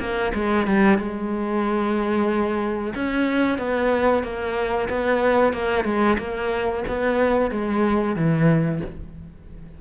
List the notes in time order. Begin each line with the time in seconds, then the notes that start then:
0.00 A#3
0.35 G#3
0.67 G3
0.98 G#3
2.96 C#4
3.59 B3
4.24 A#3
4.89 B3
5.53 A#3
5.85 G#3
6.19 A#3
6.88 B3
7.51 G#3
8.16 E3